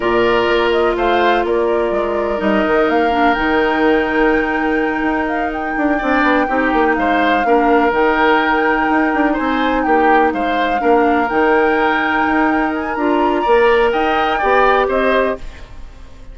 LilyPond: <<
  \new Staff \with { instrumentName = "flute" } { \time 4/4 \tempo 4 = 125 d''4. dis''8 f''4 d''4~ | d''4 dis''4 f''4 g''4~ | g''2. f''8 g''8~ | g''2~ g''8 f''4.~ |
f''8 g''2. gis''8~ | gis''8 g''4 f''2 g''8~ | g''2~ g''8 gis''8 ais''4~ | ais''4 g''2 dis''4 | }
  \new Staff \with { instrumentName = "oboe" } { \time 4/4 ais'2 c''4 ais'4~ | ais'1~ | ais'1~ | ais'8 d''4 g'4 c''4 ais'8~ |
ais'2.~ ais'8 c''8~ | c''8 g'4 c''4 ais'4.~ | ais'1 | d''4 dis''4 d''4 c''4 | }
  \new Staff \with { instrumentName = "clarinet" } { \time 4/4 f'1~ | f'4 dis'4. d'8 dis'4~ | dis'1~ | dis'8 d'4 dis'2 d'8~ |
d'8 dis'2.~ dis'8~ | dis'2~ dis'8 d'4 dis'8~ | dis'2. f'4 | ais'2 g'2 | }
  \new Staff \with { instrumentName = "bassoon" } { \time 4/4 ais,4 ais4 a4 ais4 | gis4 g8 dis8 ais4 dis4~ | dis2~ dis8 dis'4. | d'8 c'8 b8 c'8 ais8 gis4 ais8~ |
ais8 dis2 dis'8 d'8 c'8~ | c'8 ais4 gis4 ais4 dis8~ | dis4. dis'4. d'4 | ais4 dis'4 b4 c'4 | }
>>